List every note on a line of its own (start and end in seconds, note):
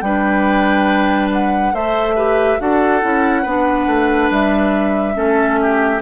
0.00 1.73 G3
0.00 1.73 D4
0.00 1.74 B4
0.00 1.29 G5
1.32 1.75 F#5
1.73 2.58 A3
1.73 2.16 A4
1.73 2.15 C5
1.73 2.60 E5
2.15 2.58 G4
2.15 2.58 B4
2.58 3.02 D4
2.58 3.01 F#4
2.58 3.42 A4
2.58 4.31 F#5
3.01 3.45 C#4
3.01 3.43 E4
3.42 3.86 B3
3.42 5.14 D4
3.42 5.13 B4
3.86 4.29 A3
4.30 5.16 G3
4.30 6.01 E5
5.14 6.01 A3
5.14 5.99 C#4
5.14 5.59 A4
5.61 6.01 G4